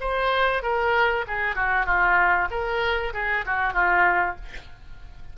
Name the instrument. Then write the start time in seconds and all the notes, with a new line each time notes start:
oboe
0.00 C5
0.62 A#4
1.27 G#4
1.55 F#4
1.86 F4
2.50 A#4
3.13 G#4
3.45 F#4
3.73 F4